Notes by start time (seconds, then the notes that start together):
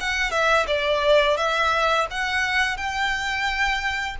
0.00 F#5
0.31 E5
0.67 D5
1.37 E5
2.10 F#5
2.77 G5